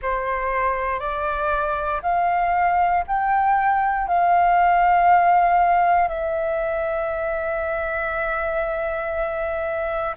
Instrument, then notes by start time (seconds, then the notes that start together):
flute
0.01 C5
0.99 D5
2.02 F5
3.07 G5
4.07 F5
6.08 E5